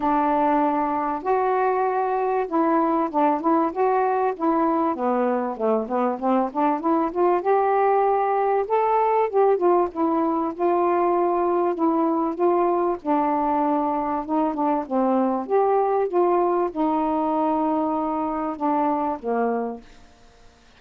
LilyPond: \new Staff \with { instrumentName = "saxophone" } { \time 4/4 \tempo 4 = 97 d'2 fis'2 | e'4 d'8 e'8 fis'4 e'4 | b4 a8 b8 c'8 d'8 e'8 f'8 | g'2 a'4 g'8 f'8 |
e'4 f'2 e'4 | f'4 d'2 dis'8 d'8 | c'4 g'4 f'4 dis'4~ | dis'2 d'4 ais4 | }